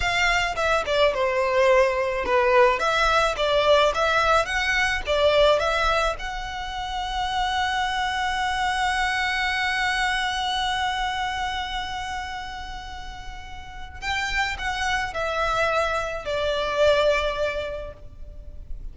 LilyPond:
\new Staff \with { instrumentName = "violin" } { \time 4/4 \tempo 4 = 107 f''4 e''8 d''8 c''2 | b'4 e''4 d''4 e''4 | fis''4 d''4 e''4 fis''4~ | fis''1~ |
fis''1~ | fis''1~ | fis''4 g''4 fis''4 e''4~ | e''4 d''2. | }